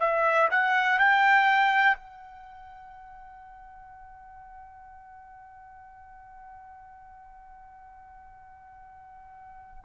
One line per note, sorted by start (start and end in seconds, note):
0.00 0.49 E5
0.51 0.99 F#5
0.99 1.97 G5
1.97 9.84 F#5